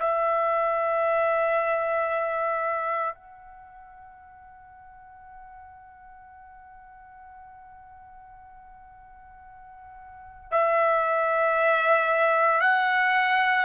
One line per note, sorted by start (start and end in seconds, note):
0.00 3.15 E5
3.15 10.52 F#5
10.52 12.61 E5
12.61 13.66 F#5